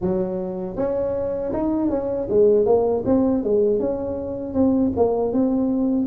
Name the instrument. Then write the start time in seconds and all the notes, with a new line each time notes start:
tuba
0.01 F#3
0.76 C#4
1.52 D#4
1.89 C#4
2.29 G#3
2.65 A#3
3.05 C4
3.43 G#3
3.79 C#4
4.54 C4
4.96 A#3
5.32 C4